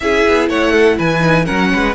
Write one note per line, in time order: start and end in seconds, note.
0.00 0.25 C#4
0.00 1.19 E4
0.00 0.49 G#4
0.00 0.48 E5
0.27 0.49 B3
0.49 0.97 A3
0.49 0.71 C#5
0.49 0.98 F#5
0.71 0.96 A4
0.97 1.48 E3
0.97 1.45 B4
0.97 1.45 G#5
1.19 1.44 D#4
1.44 1.73 F#3
1.44 1.93 C#4
1.44 1.69 A#4
1.44 1.94 F#5
1.72 1.94 G#3
1.72 1.94 B4